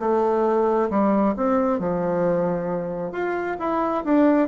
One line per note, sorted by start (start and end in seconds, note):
0.00 0.90 A3
0.90 1.35 G3
1.37 1.80 C4
1.80 3.13 F3
3.13 3.57 F4
3.60 4.05 E4
4.05 4.49 D4